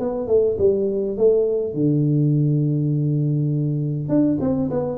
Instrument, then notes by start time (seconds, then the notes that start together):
tuba
0.00 B3
0.28 A3
0.59 G3
1.17 A3
1.74 D3
4.09 D4
4.41 C4
4.71 B3